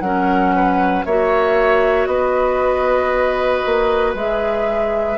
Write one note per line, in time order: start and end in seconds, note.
0.00 1.04 F#3
0.00 1.06 C#4
0.00 0.55 A#4
0.00 1.03 F#5
0.55 1.05 B4
1.04 2.06 A#3
1.04 4.17 F#4
1.04 2.08 C#5
1.04 2.06 E5
2.06 3.61 B3
2.06 5.18 B4
2.06 4.13 D#5
3.65 4.14 A#3
4.14 5.17 G#3
4.14 5.18 G#4
4.14 5.18 E5